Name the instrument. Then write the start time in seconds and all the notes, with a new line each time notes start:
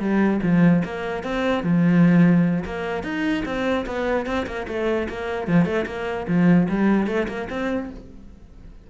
cello
0.00 G3
0.43 F3
0.85 A#3
1.24 C4
1.64 F3
2.65 A#3
3.04 D#4
3.45 C4
3.87 B3
4.26 C4
4.47 A#3
4.68 A3
5.09 A#3
5.47 F3
5.65 A3
5.87 A#3
6.28 F3
6.69 G3
7.07 A3
7.28 A#3
7.50 C4